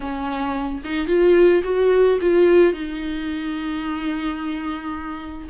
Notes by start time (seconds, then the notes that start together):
0.00 C#4
0.84 D#4
1.07 F4
1.63 F#4
2.21 F4
2.73 D#4